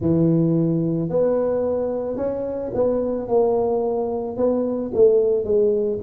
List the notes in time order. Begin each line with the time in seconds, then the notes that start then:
0.00 E3
1.09 B3
2.16 C#4
2.73 B3
3.28 A#3
4.36 B3
4.93 A3
5.44 G#3